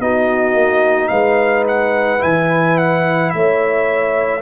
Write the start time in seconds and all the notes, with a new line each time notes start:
0.00 B3 D#4 F#4 D#5
0.54 A#3
1.08 G#3 B4 F5
1.68 F#5
2.19 E3 E4 G#5
2.78 F#5
3.30 A3 E5
3.36 C#5